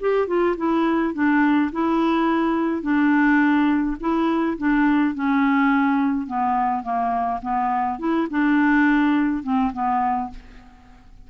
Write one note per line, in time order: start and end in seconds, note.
0.00 0.27 G4
0.27 0.56 F4
0.57 1.14 E4
1.14 1.71 D4
1.72 2.82 E4
2.82 3.96 D4
4.00 4.57 E4
4.58 5.15 D4
5.15 6.27 C#4
6.27 6.83 B3
6.83 7.40 A#3
7.42 7.99 B3
7.99 8.27 E4
8.30 9.43 D4
9.43 9.71 C4
9.73 10.30 B3